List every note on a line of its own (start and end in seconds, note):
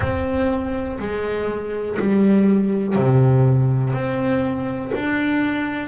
0.00 0.98 C4
0.99 1.97 G#3
1.99 2.95 G3
2.95 3.93 C3
3.93 4.91 C4
4.94 5.87 D4